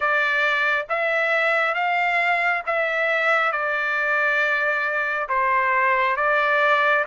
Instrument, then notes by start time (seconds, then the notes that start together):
trumpet
0.00 D5
0.89 E5
1.74 F5
2.66 E5
3.51 D5
5.29 C5
6.16 D5